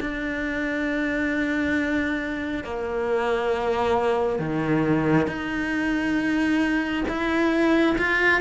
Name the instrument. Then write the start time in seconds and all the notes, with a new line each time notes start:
cello
0.00 D4
2.64 A#3
4.39 D#3
5.27 D#4
7.08 E4
7.98 F4